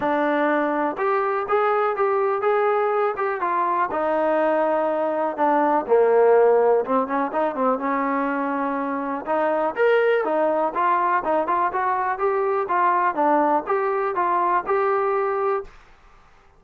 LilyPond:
\new Staff \with { instrumentName = "trombone" } { \time 4/4 \tempo 4 = 123 d'2 g'4 gis'4 | g'4 gis'4. g'8 f'4 | dis'2. d'4 | ais2 c'8 cis'8 dis'8 c'8 |
cis'2. dis'4 | ais'4 dis'4 f'4 dis'8 f'8 | fis'4 g'4 f'4 d'4 | g'4 f'4 g'2 | }